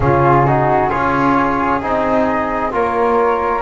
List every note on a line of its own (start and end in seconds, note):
0.00 0.89 C#3
0.00 0.46 C#4
0.00 0.46 F4
0.00 0.89 G#4
0.46 0.90 D#4
0.46 0.89 F#4
0.89 1.82 C#4
0.89 1.81 F4
0.89 2.71 G#4
0.89 1.80 C#5
1.81 2.73 C4
1.81 2.71 D#4
1.81 2.73 D#5
2.71 3.62 A#3
2.71 3.62 F4
2.71 3.62 A#4
2.71 3.62 C#5